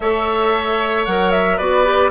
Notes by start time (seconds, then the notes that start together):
0.00 A3 A4 C#5 E5
1.05 F#3 A#4 F#5
1.31 E5
1.57 B3 F#4 B4 D5
1.84 G4